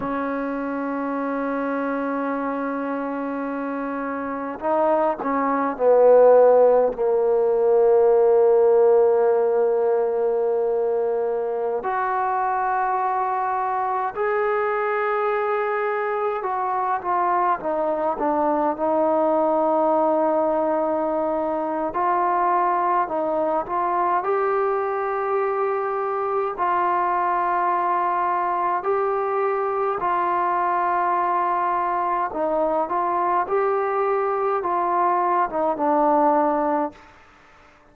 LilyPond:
\new Staff \with { instrumentName = "trombone" } { \time 4/4 \tempo 4 = 52 cis'1 | dis'8 cis'8 b4 ais2~ | ais2~ ais16 fis'4.~ fis'16~ | fis'16 gis'2 fis'8 f'8 dis'8 d'16~ |
d'16 dis'2~ dis'8. f'4 | dis'8 f'8 g'2 f'4~ | f'4 g'4 f'2 | dis'8 f'8 g'4 f'8. dis'16 d'4 | }